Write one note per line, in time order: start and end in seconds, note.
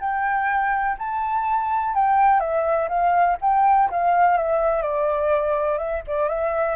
0.00 0.97 G5
0.98 1.94 A5
1.94 2.40 G5
2.40 2.88 E5
2.89 3.37 F5
3.41 3.90 G5
3.90 4.37 F5
4.37 4.82 E5
4.82 5.78 D5
5.78 6.02 E5
6.07 6.29 D5
6.29 6.76 E5